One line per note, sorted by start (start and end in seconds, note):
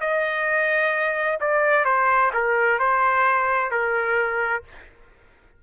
0.00 1.38 D#5
1.40 1.85 D5
1.85 2.31 C5
2.34 2.79 A#4
2.79 3.70 C5
3.70 4.63 A#4